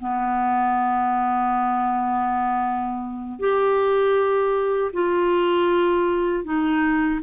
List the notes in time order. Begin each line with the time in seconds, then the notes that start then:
0.00 B3
3.40 G4
4.93 F4
6.45 D#4